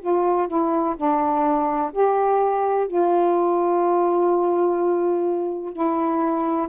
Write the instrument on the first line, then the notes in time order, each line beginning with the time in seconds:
saxophone
0.00 F4
0.48 E4
0.96 D4
1.92 G4
2.87 F4
5.72 E4